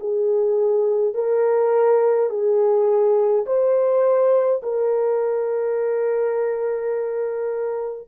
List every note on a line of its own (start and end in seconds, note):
0.00 1.14 G#4
1.14 2.30 A#4
2.30 3.45 G#4
3.46 4.62 C5
4.62 8.08 A#4